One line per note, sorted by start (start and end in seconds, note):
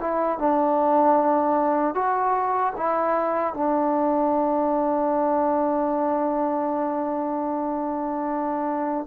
0.00 0.38 E4
0.38 1.94 D4
1.94 2.73 F#4
2.76 3.53 E4
3.53 9.06 D4